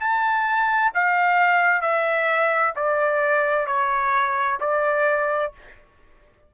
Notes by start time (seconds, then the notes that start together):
0.00 A5
0.94 F5
1.82 E5
2.76 D5
3.67 C#5
4.60 D5